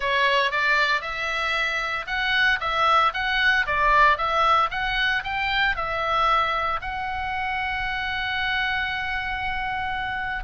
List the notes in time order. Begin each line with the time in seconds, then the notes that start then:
0.00 C#5
0.51 D5
1.01 E5
2.07 F#5
2.60 E5
3.13 F#5
3.66 D5
4.17 E5
4.71 F#5
5.23 G5
5.76 E5
6.81 F#5